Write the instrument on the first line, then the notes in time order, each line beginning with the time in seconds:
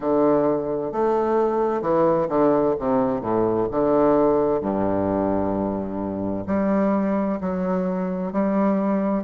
bassoon
0.00 D3
0.92 A3
1.81 E3
2.28 D3
2.79 C3
3.21 A2
3.71 D3
4.60 G2
6.47 G3
7.41 F#3
8.32 G3